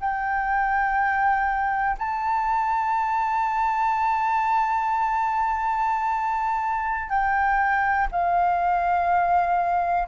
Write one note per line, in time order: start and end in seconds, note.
0.00 1.97 G5
1.99 7.10 A5
7.10 8.08 G5
8.11 10.08 F5